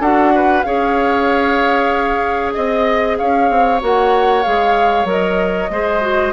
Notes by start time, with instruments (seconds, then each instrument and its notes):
0.00 bassoon D4, clarinet F#4, oboe A4, flute F#5
0.35 oboe B4
0.62 bassoon C#4, clarinet G#4, oboe C#5, flute F5
2.54 bassoon C4, flute D#5, oboe D#5
3.18 bassoon C#4, oboe C#5, flute F5
3.50 bassoon C4
3.81 bassoon A#3, clarinet F#4, flute F#5
4.43 bassoon G#3, clarinet G#4, flute F5
5.04 bassoon F#3, clarinet A#4, flute D#5
5.70 bassoon G#3, clarinet G#4, oboe C5
6.01 clarinet F#4